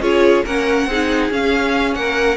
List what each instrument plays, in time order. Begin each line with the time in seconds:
0.00 cello C#4, viola F4, violin G#4 C#5
0.45 cello A#3, viola C#4, violin A#4 F#5
0.87 cello C4, viola D#4, violin G#4
1.31 cello C#4, viola C#4, violin F5
1.95 cello A#3, violin A#4 F#5